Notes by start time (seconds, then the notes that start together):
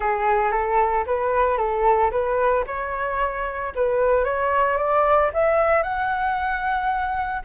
0.00 G#4
0.51 A4
1.06 B4
1.57 A4
2.11 B4
2.66 C#5
3.75 B4
4.24 C#5
4.77 D5
5.33 E5
5.82 F#5